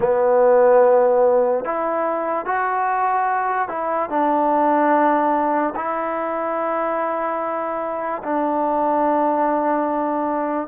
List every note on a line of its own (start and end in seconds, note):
0.00 1.64 B3
1.64 2.45 E4
2.45 3.68 F#4
3.68 4.09 E4
4.09 5.73 D4
5.75 8.22 E4
8.23 10.67 D4